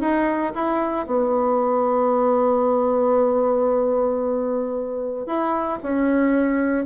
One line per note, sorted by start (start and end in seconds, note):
0.00 0.53 D#4
0.55 1.06 E4
1.06 5.26 B3
5.26 5.79 E4
5.83 6.85 C#4